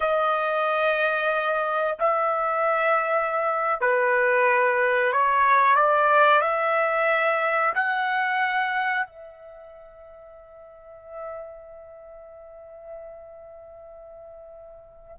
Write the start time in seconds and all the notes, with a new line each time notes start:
0.00 D#5
1.99 E5
3.80 B4
5.12 C#5
5.75 D5
6.41 E5
7.74 F#5
9.06 E5